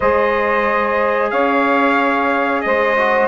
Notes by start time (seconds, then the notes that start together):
0.00 G#3 G#4 C5 D#5
1.30 C#4 C#5 F5
2.61 G#3 C5 D#5
2.97 F#4